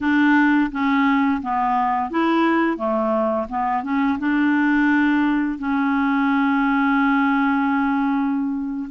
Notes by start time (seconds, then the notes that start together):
0.01 D4
0.71 C#4
1.41 B3
2.10 E4
2.77 A3
3.49 B3
3.83 C#4
4.19 D4
5.58 C#4